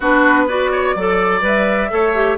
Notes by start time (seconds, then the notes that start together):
0.00 B3 D4 F#4 B4
0.46 F#4 B4 D5
0.71 C#5
0.95 F#3 A4 D5
1.41 G3 B4 E5
1.89 A3 A4 C#5
2.14 G4